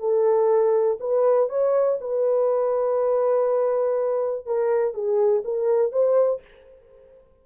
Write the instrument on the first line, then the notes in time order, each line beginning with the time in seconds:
horn
0.00 A4
1.00 B4
1.49 C#5
2.01 B4
4.46 A#4
4.94 G#4
5.45 A#4
5.92 C5